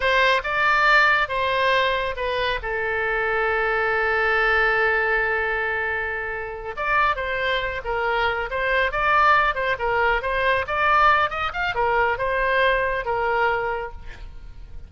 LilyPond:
\new Staff \with { instrumentName = "oboe" } { \time 4/4 \tempo 4 = 138 c''4 d''2 c''4~ | c''4 b'4 a'2~ | a'1~ | a'2.~ a'8 d''8~ |
d''8 c''4. ais'4. c''8~ | c''8 d''4. c''8 ais'4 c''8~ | c''8 d''4. dis''8 f''8 ais'4 | c''2 ais'2 | }